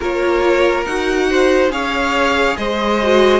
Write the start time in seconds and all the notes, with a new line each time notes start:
0.00 A#3 F4 A#4 C#5
0.84 D#4 F#4 F#5
1.30 C5
1.69 C#4 G#4 C#5 F5
2.56 G#3 C5 D#5
3.02 F#4